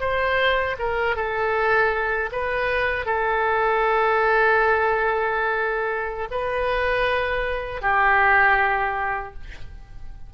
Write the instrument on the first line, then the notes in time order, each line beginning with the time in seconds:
oboe
0.00 C5
0.78 A#4
1.16 A4
2.32 B4
3.05 A4
6.30 B4
7.81 G4